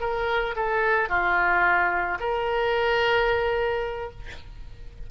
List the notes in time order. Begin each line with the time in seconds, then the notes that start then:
0.00 A#4
0.55 A4
1.09 F4
2.19 A#4